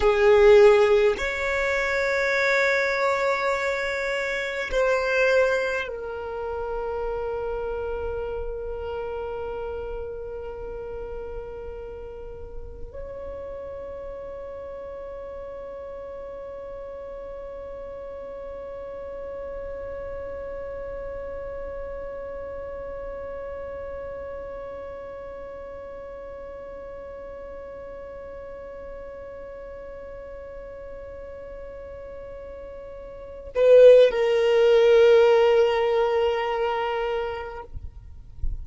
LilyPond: \new Staff \with { instrumentName = "violin" } { \time 4/4 \tempo 4 = 51 gis'4 cis''2. | c''4 ais'2.~ | ais'2. cis''4~ | cis''1~ |
cis''1~ | cis''1~ | cis''1~ | cis''8 b'8 ais'2. | }